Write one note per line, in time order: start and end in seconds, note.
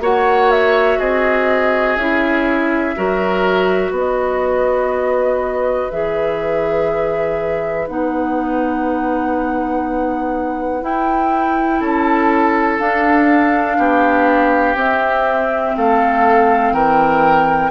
0.00 0.98 A#3
0.00 1.98 F#4
0.00 0.99 C#5
0.00 0.51 F#5
0.51 1.00 E5
0.99 1.97 C4
0.99 2.96 G#4
0.99 1.96 D#5
1.96 2.95 C#4
1.96 2.95 E4
1.96 3.93 E5
2.95 3.91 F#3
2.95 5.91 F#4
2.95 3.91 A#4
3.91 5.88 B3
3.91 11.78 B4
3.97 5.91 D#5
5.91 7.88 E3
5.91 7.88 G#4
5.91 7.87 E5
7.88 10.83 B3
7.88 10.82 D#4
7.88 10.84 F#5
10.82 12.79 E4
10.82 11.81 E4
10.82 11.82 G5
11.81 12.79 C#4
11.81 13.77 A4
11.81 12.80 A5
12.79 14.76 D4
12.79 13.78 D4
12.79 14.77 F5
13.78 14.75 B3
13.78 15.75 G4
14.75 15.73 C4
14.75 17.71 C4
14.75 15.75 E5
15.75 16.72 A3
15.75 16.74 A4
15.75 16.74 F5
16.72 17.70 E3
16.72 17.71 A#4
16.72 17.71 G5